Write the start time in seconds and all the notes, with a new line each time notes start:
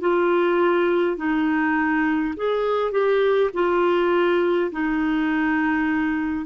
0.00 F4
1.17 D#4
2.36 G#4
2.91 G4
3.53 F4
4.71 D#4